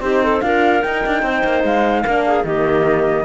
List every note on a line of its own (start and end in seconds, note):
0.00 0.41 C4
0.00 0.42 D#4
0.00 0.23 G4
0.00 0.41 C5
0.23 0.43 A4
0.41 0.83 D4
0.41 0.83 F4
0.41 1.23 A#4
0.41 0.82 F5
0.82 1.05 D#4
0.82 2.07 D#4
0.82 1.63 G5
1.06 1.22 D4
1.22 1.42 C4
1.22 2.03 C5
1.44 1.63 A#3
1.63 2.04 G#3
1.63 2.45 F5
2.03 2.44 A#3
2.03 2.44 D4
2.03 2.24 A#4
2.26 2.46 G#4
2.44 3.25 D#3
2.44 3.25 A#3
2.44 3.25 G4
2.44 3.25 D#5